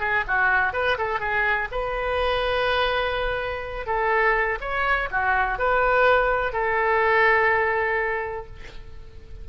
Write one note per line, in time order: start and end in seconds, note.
0.00 0.24 G#4
0.28 0.73 F#4
0.73 0.97 B4
0.98 1.20 A4
1.20 1.68 G#4
1.71 3.86 B4
3.86 4.59 A4
4.61 5.09 C#5
5.11 5.59 F#4
5.59 6.53 B4
6.53 8.46 A4